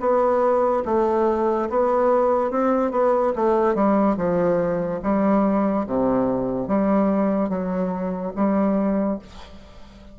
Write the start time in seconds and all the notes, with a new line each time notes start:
0.00 B3
0.85 A3
1.70 B3
2.51 C4
2.91 B3
3.36 A3
3.75 G3
4.17 F3
5.03 G3
5.86 C3
6.68 G3
7.49 F#3
8.36 G3